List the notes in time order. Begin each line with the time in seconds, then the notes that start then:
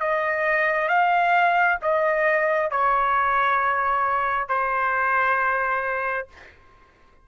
0.00 D#5
0.88 F5
1.82 D#5
2.71 C#5
4.49 C5